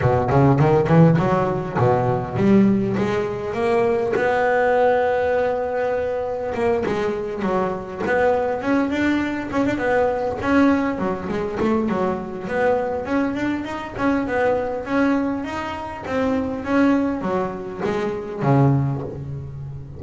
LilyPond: \new Staff \with { instrumentName = "double bass" } { \time 4/4 \tempo 4 = 101 b,8 cis8 dis8 e8 fis4 b,4 | g4 gis4 ais4 b4~ | b2. ais8 gis8~ | gis8 fis4 b4 cis'8 d'4 |
cis'16 d'16 b4 cis'4 fis8 gis8 a8 | fis4 b4 cis'8 d'8 dis'8 cis'8 | b4 cis'4 dis'4 c'4 | cis'4 fis4 gis4 cis4 | }